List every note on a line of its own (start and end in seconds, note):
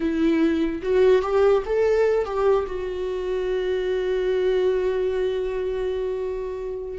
0.00 0.81 E4
0.82 1.22 F#4
1.22 1.63 G4
1.65 2.25 A4
2.25 2.66 G4
2.66 6.98 F#4